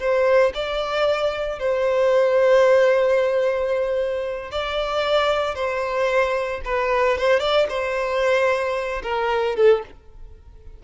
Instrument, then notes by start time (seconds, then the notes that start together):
violin
0.00 C5
0.55 D5
1.60 C5
4.52 D5
5.55 C5
6.65 B4
7.18 C5
7.40 D5
7.69 C5
9.03 A#4
9.56 A4